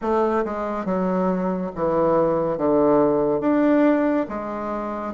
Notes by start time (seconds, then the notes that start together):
0.01 A3
0.44 G#3
0.85 F#3
1.75 E3
2.57 D3
3.40 D4
4.29 G#3